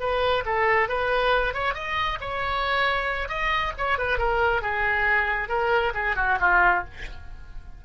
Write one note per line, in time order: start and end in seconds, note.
0.00 0.44 B4
0.46 0.89 A4
0.89 1.54 B4
1.54 1.75 C#5
1.75 2.19 D#5
2.21 3.29 C#5
3.29 3.73 D#5
3.78 3.98 C#5
3.98 4.18 B4
4.18 4.62 A#4
4.62 5.49 G#4
5.49 5.93 A#4
5.94 6.16 G#4
6.16 6.38 F#4
6.41 6.85 F4